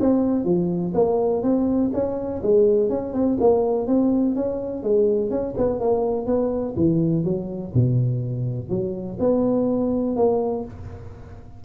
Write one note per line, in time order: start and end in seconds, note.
0.00 0.44 C4
0.44 0.93 F3
0.94 1.42 A#3
1.42 1.91 C4
1.93 2.41 C#4
2.42 2.89 G#3
2.89 3.13 C#4
3.13 3.37 C4
3.40 3.87 A#3
3.87 4.35 C4
4.35 4.83 C#4
4.83 5.30 G#3
5.30 5.54 C#4
5.57 5.79 B3
5.79 6.26 A#3
6.26 6.74 B3
6.76 7.24 E3
7.24 7.72 F#3
7.74 8.69 B2
8.69 9.18 F#3
9.19 10.16 B3
10.16 10.64 A#3